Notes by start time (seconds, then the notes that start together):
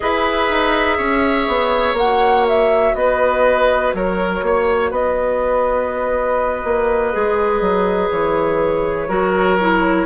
0.00 E4 G#4 B4 E5
0.49 D#4
0.97 C#4 C#5
1.47 B3
1.93 A#3 F#4 F#5
2.47 E5
2.94 B3 B4 D#5
3.93 F#3 A#4 C#5
4.42 A#3 C#5
4.91 B3 B4 D#5
6.64 A#3
7.12 G#3 G#4
7.60 F#3
8.10 E3 C#5
9.08 F#3 F#4 A#4
9.60 E4